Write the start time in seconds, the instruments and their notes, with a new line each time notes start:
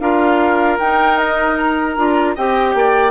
0.00 bassoon D4, clarinet F4, oboe A#4, flute F5
0.79 bassoon D#4, clarinet D#4, flute G5
1.18 flute D#5
1.58 flute A#5
1.97 bassoon D4, clarinet F4
2.35 bassoon C4, clarinet G4, oboe D#5, flute G5
2.75 bassoon A#3, oboe D5